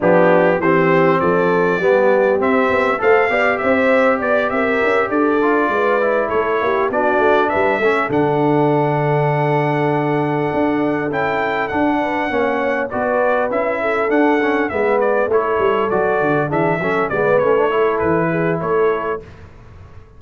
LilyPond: <<
  \new Staff \with { instrumentName = "trumpet" } { \time 4/4 \tempo 4 = 100 g'4 c''4 d''2 | e''4 f''4 e''4 d''8 e''8~ | e''8 d''2 cis''4 d''8~ | d''8 e''4 fis''2~ fis''8~ |
fis''2~ fis''8 g''4 fis''8~ | fis''4. d''4 e''4 fis''8~ | fis''8 e''8 d''8 cis''4 d''4 e''8~ | e''8 d''8 cis''4 b'4 cis''4 | }
  \new Staff \with { instrumentName = "horn" } { \time 4/4 d'4 g'4 a'4 g'4~ | g'4 c''8 d''8 c''4 d''8 ais'8~ | ais'8 a'4 b'4 a'8 g'8 fis'8~ | fis'8 b'8 a'2.~ |
a'1 | b'8 cis''4 b'4. a'4~ | a'8 b'4 a'2 gis'8 | a'8 b'4 a'4 gis'8 a'4 | }
  \new Staff \with { instrumentName = "trombone" } { \time 4/4 b4 c'2 b4 | c'4 a'8 g'2~ g'8~ | g'4 f'4 e'4. d'8~ | d'4 cis'8 d'2~ d'8~ |
d'2~ d'8 e'4 d'8~ | d'8 cis'4 fis'4 e'4 d'8 | cis'8 b4 e'4 fis'4 d'8 | cis'8 b8 cis'16 d'16 e'2~ e'8 | }
  \new Staff \with { instrumentName = "tuba" } { \time 4/4 f4 e4 f4 g4 | c'8 b8 a8 b8 c'4 b8 c'8 | cis'8 d'4 gis4 a8 ais8 b8 | a8 g8 a8 d2~ d8~ |
d4. d'4 cis'4 d'8~ | d'8 ais4 b4 cis'4 d'8~ | d'8 gis4 a8 g8 fis8 d8 e8 | fis8 gis8 a4 e4 a4 | }
>>